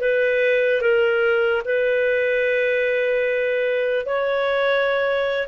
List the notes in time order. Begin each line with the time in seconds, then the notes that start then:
0.00 B4
0.81 A#4
1.65 B4
4.06 C#5